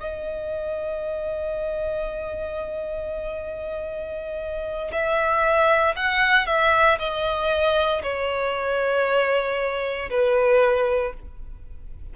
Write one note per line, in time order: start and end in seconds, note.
0.00 4.91 D#5
4.92 5.96 E5
5.96 6.47 F#5
6.47 6.99 E5
6.99 8.03 D#5
8.03 10.10 C#5
10.10 11.13 B4